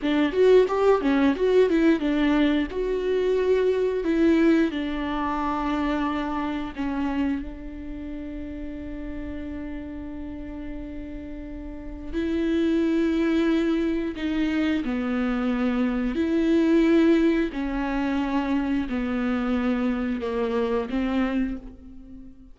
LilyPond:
\new Staff \with { instrumentName = "viola" } { \time 4/4 \tempo 4 = 89 d'8 fis'8 g'8 cis'8 fis'8 e'8 d'4 | fis'2 e'4 d'4~ | d'2 cis'4 d'4~ | d'1~ |
d'2 e'2~ | e'4 dis'4 b2 | e'2 cis'2 | b2 ais4 c'4 | }